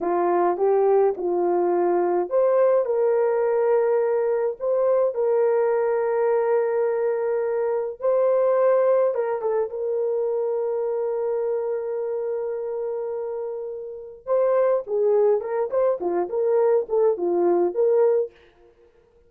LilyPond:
\new Staff \with { instrumentName = "horn" } { \time 4/4 \tempo 4 = 105 f'4 g'4 f'2 | c''4 ais'2. | c''4 ais'2.~ | ais'2 c''2 |
ais'8 a'8 ais'2.~ | ais'1~ | ais'4 c''4 gis'4 ais'8 c''8 | f'8 ais'4 a'8 f'4 ais'4 | }